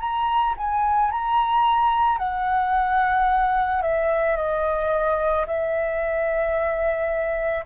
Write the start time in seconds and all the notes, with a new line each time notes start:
0.00 A#5
0.57 G#5
1.11 A#5
2.18 F#5
3.82 E5
4.36 D#5
5.47 E5